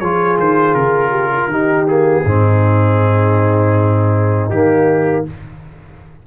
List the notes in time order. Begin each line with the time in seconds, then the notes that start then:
0.00 F3 F4 G#4 C#5
0.38 D#3 C5
0.75 C#3 A#4
1.11 G4
1.33 F4
1.47 D#3 D#4 G4
1.88 A#3 G#4
2.25 G#2 C4 D#4
4.50 D#3 A#3 G4